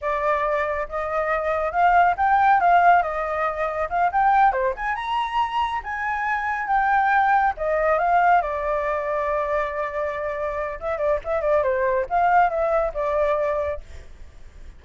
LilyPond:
\new Staff \with { instrumentName = "flute" } { \time 4/4 \tempo 4 = 139 d''2 dis''2 | f''4 g''4 f''4 dis''4~ | dis''4 f''8 g''4 c''8 gis''8 ais''8~ | ais''4. gis''2 g''8~ |
g''4. dis''4 f''4 d''8~ | d''1~ | d''4 e''8 d''8 e''8 d''8 c''4 | f''4 e''4 d''2 | }